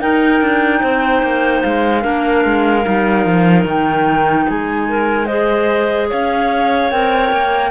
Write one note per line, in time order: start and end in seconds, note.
0.00 2.02 D#4
0.00 0.42 D#4
0.00 0.81 A#4
0.00 1.63 G5
0.42 0.82 D4
0.81 1.23 C4
0.81 2.03 C5
1.23 1.64 A#3
1.63 2.05 G#3
1.63 3.66 F5
2.02 2.45 A#3
2.02 2.83 D4
2.02 4.46 A#4
2.45 2.86 G#3
2.83 3.26 G3
2.83 5.26 D#4
3.26 3.65 F3
3.65 4.46 D#3
3.65 4.49 G5
4.48 6.12 G#3
4.48 4.88 G#4
4.48 5.26 G#5
4.89 5.26 A#4
5.26 6.91 G#4
5.26 6.07 C5
5.26 6.07 D#5
6.10 6.92 C#4
6.10 7.71 C#5
6.10 6.91 F5
6.91 7.32 C4
6.91 7.71 A#4
6.91 7.71 G5
7.32 7.71 A#3